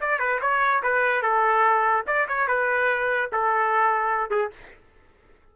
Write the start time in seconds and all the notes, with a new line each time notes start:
0.00 D5
0.19 B4
0.41 C#5
0.82 B4
1.22 A4
2.07 D5
2.28 C#5
2.47 B4
3.32 A4
4.30 G#4